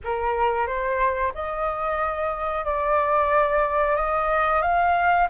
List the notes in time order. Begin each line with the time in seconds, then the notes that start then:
0.04 A#4
0.66 C5
1.34 D#5
2.64 D5
3.96 D#5
4.62 F5